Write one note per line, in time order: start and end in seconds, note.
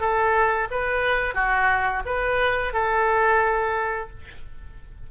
0.00 0.68 A4
0.71 1.35 B4
1.35 2.03 F#4
2.06 2.73 B4
2.73 4.10 A4